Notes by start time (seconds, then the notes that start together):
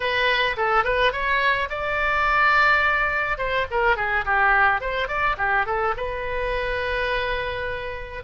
0.00 B4
0.57 A4
0.84 B4
1.12 C#5
1.69 D5
3.38 C5
3.70 A#4
3.96 G#4
4.25 G4
4.81 C5
5.07 D5
5.37 G4
5.66 A4
5.96 B4